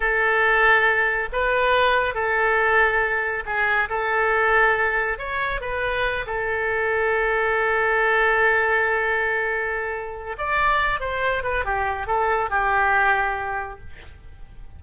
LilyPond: \new Staff \with { instrumentName = "oboe" } { \time 4/4 \tempo 4 = 139 a'2. b'4~ | b'4 a'2. | gis'4 a'2. | cis''4 b'4. a'4.~ |
a'1~ | a'1 | d''4. c''4 b'8 g'4 | a'4 g'2. | }